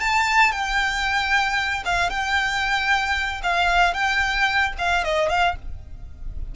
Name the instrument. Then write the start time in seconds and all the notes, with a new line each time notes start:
violin
0.00 A5
0.52 G5
1.85 F5
2.10 G5
3.43 F5
3.94 G5
4.78 F5
5.04 D#5
5.29 F5